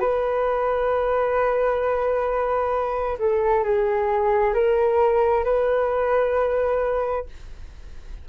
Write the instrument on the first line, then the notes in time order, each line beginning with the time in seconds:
flute
0.00 B4
3.19 A4
3.64 G#4
4.54 A#4
5.45 B4